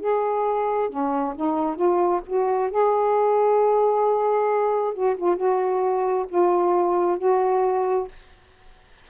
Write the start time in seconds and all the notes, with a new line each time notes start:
0.00 G#4
0.90 C#4
1.36 D#4
1.76 F4
2.26 F#4
2.71 G#4
4.94 F#4
5.17 F4
5.36 F#4
6.29 F4
7.18 F#4